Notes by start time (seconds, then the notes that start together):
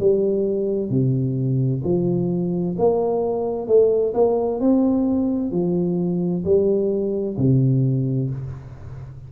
0.00 G3
0.90 C3
1.84 F3
2.78 A#3
3.68 A3
4.14 A#3
4.60 C4
5.52 F3
6.45 G3
7.38 C3